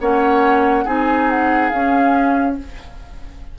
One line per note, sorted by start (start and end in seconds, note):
0.00 0.86 A#3
0.00 0.86 C#4
0.00 0.85 C#5
0.00 0.87 F#5
0.85 1.72 C4
0.85 1.72 D#4
0.85 2.56 G#4
0.85 1.30 G#5
1.30 1.69 F#5
1.69 2.58 C#4
1.69 2.59 C#4
1.69 2.55 F5